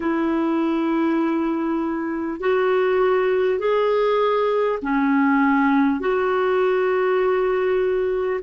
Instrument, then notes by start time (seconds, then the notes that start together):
clarinet
0.00 E4
2.39 F#4
3.59 G#4
4.82 C#4
6.00 F#4